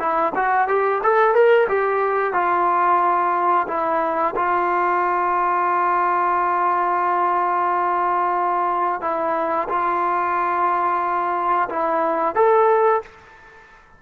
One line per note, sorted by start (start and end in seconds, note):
0.00 0.33 E4
0.35 0.68 F#4
0.68 1.02 G4
1.04 1.35 A4
1.35 1.68 A#4
1.69 2.34 G4
2.34 3.67 F4
3.68 4.35 E4
4.36 9.02 F4
9.02 9.68 E4
9.69 11.69 F4
11.70 12.35 E4
12.35 13.02 A4